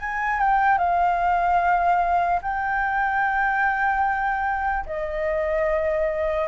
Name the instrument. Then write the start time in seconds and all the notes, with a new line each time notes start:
flute
0.00 G#5
0.39 G5
0.78 F5
2.42 G5
4.86 D#5